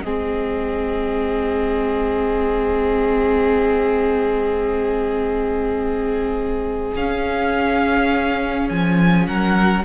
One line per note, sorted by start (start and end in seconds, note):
0.00 6.92 G#3
0.00 6.96 C4
0.00 9.27 G#4
0.00 6.94 D#5
6.96 8.69 C#4
6.96 9.84 C#4
6.96 8.69 F5
8.69 9.27 F3
8.69 9.26 G#5
9.27 9.84 F#3
9.27 9.84 A#4
9.27 9.84 F#5